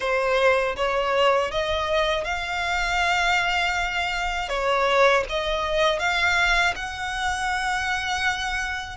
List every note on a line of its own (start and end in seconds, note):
0.00 0.75 C5
0.76 1.51 C#5
1.51 2.24 D#5
2.24 4.49 F5
4.49 5.24 C#5
5.29 5.99 D#5
5.99 6.74 F5
6.75 8.97 F#5